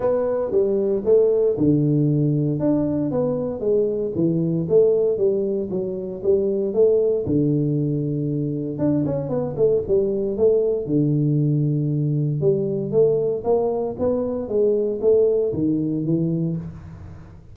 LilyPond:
\new Staff \with { instrumentName = "tuba" } { \time 4/4 \tempo 4 = 116 b4 g4 a4 d4~ | d4 d'4 b4 gis4 | e4 a4 g4 fis4 | g4 a4 d2~ |
d4 d'8 cis'8 b8 a8 g4 | a4 d2. | g4 a4 ais4 b4 | gis4 a4 dis4 e4 | }